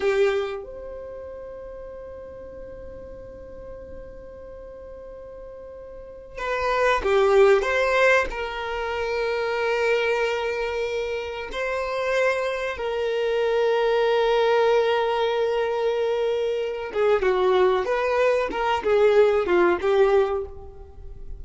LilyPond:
\new Staff \with { instrumentName = "violin" } { \time 4/4 \tempo 4 = 94 g'4 c''2.~ | c''1~ | c''2 b'4 g'4 | c''4 ais'2.~ |
ais'2 c''2 | ais'1~ | ais'2~ ais'8 gis'8 fis'4 | b'4 ais'8 gis'4 f'8 g'4 | }